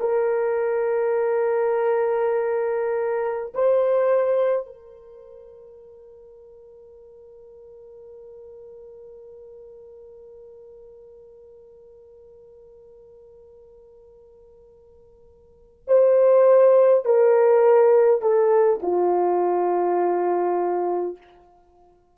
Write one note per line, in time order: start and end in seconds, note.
0.00 3.53 A#4
3.54 4.66 C5
4.66 15.84 A#4
15.87 17.05 C5
17.05 18.21 A#4
18.21 18.80 A4
18.82 21.17 F4